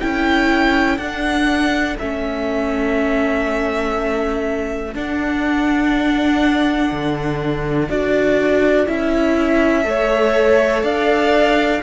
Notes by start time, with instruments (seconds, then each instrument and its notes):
0.00 cello C#4, viola E4, violin A4 G5
0.97 cello D4, viola D4, violin F#5
1.98 cello A3, viola C#4, violin E5
4.94 cello D4, viola D4, violin F#5
6.91 cello D3
7.89 cello D4, viola F#4, violin D5
8.86 cello C#4, viola E4, violin E5
9.83 cello A3, viola A4, violin C#5
10.83 cello D4, violin D5 F5